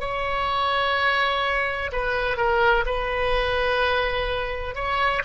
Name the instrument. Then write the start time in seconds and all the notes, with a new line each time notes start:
oboe
0.00 C#5
1.92 B4
2.37 A#4
2.86 B4
4.75 C#5